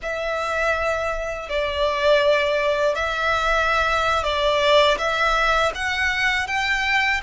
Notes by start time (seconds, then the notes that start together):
0.02 E5
1.49 D5
2.95 E5
4.23 D5
4.98 E5
5.74 F#5
6.47 G5